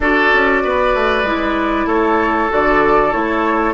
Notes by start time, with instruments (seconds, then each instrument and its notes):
0.00 bassoon D4, clarinet F#4, oboe A4, flute D5
0.33 bassoon C#4
0.63 bassoon B3, oboe B4
0.94 bassoon A3
1.23 bassoon G#3, clarinet E4
1.86 bassoon A3, oboe A4, flute C#5
2.50 bassoon D3, clarinet F#4, flute D5
3.11 bassoon A3, clarinet E4, flute C#5